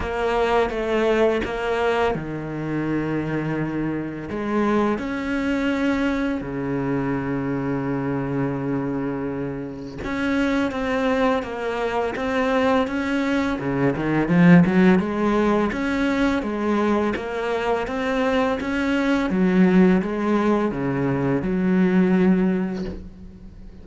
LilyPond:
\new Staff \with { instrumentName = "cello" } { \time 4/4 \tempo 4 = 84 ais4 a4 ais4 dis4~ | dis2 gis4 cis'4~ | cis'4 cis2.~ | cis2 cis'4 c'4 |
ais4 c'4 cis'4 cis8 dis8 | f8 fis8 gis4 cis'4 gis4 | ais4 c'4 cis'4 fis4 | gis4 cis4 fis2 | }